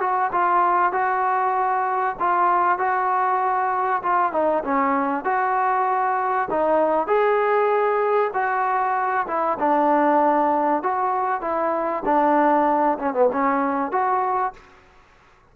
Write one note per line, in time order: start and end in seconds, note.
0.00 0.31 F#4
0.32 0.93 F4
0.93 2.16 F#4
2.20 2.78 F4
2.78 4.02 F#4
4.03 4.32 F4
4.32 4.63 D#4
4.64 5.25 C#4
5.25 6.48 F#4
6.50 7.07 D#4
7.07 8.31 G#4
8.34 9.26 F#4
9.27 9.58 E4
9.59 10.83 D4
10.83 11.42 F#4
11.42 12.03 E4
12.05 12.98 D4
12.99 13.14 C#4
13.14 13.29 B3
13.32 13.92 C#4
13.92 14.54 F#4